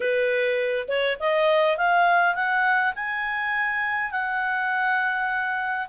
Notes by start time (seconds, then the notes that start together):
0.00 B4
0.88 C#5
1.19 D#5
1.77 F5
2.34 F#5
2.95 G#5
4.11 F#5